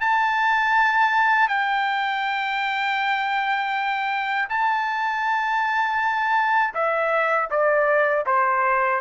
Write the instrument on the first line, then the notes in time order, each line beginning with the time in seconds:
trumpet
0.00 A5
1.48 G5
4.49 A5
6.74 E5
7.50 D5
8.26 C5